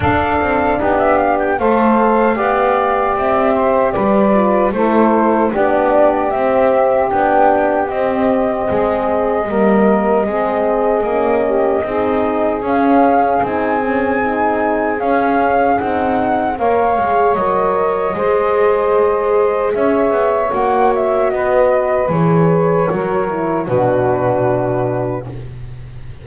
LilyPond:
<<
  \new Staff \with { instrumentName = "flute" } { \time 4/4 \tempo 4 = 76 f''4 dis'16 e''16 f''16 g''16 f''2 | e''4 d''4 c''4 d''4 | e''4 g''4 dis''2~ | dis''1 |
f''4 gis''2 f''4 | fis''4 f''4 dis''2~ | dis''4 e''4 fis''8 e''8 dis''4 | cis''2 b'2 | }
  \new Staff \with { instrumentName = "saxophone" } { \time 4/4 a'4 g'4 c''4 d''4~ | d''8 c''8 b'4 a'4 g'4~ | g'2. gis'4 | ais'4 gis'4. g'8 gis'4~ |
gis'1~ | gis'4 cis''2 c''4~ | c''4 cis''2 b'4~ | b'4 ais'4 fis'2 | }
  \new Staff \with { instrumentName = "horn" } { \time 4/4 d'2 a'4 g'4~ | g'4. f'8 e'4 d'4 | c'4 d'4 c'2 | ais4 c'4 cis'4 dis'4 |
cis'4 dis'8 cis'8 dis'4 cis'4 | dis'4 ais'8 gis'8 ais'4 gis'4~ | gis'2 fis'2 | gis'4 fis'8 e'8 d'2 | }
  \new Staff \with { instrumentName = "double bass" } { \time 4/4 d'8 c'8 b4 a4 b4 | c'4 g4 a4 b4 | c'4 b4 c'4 gis4 | g4 gis4 ais4 c'4 |
cis'4 c'2 cis'4 | c'4 ais8 gis8 fis4 gis4~ | gis4 cis'8 b8 ais4 b4 | e4 fis4 b,2 | }
>>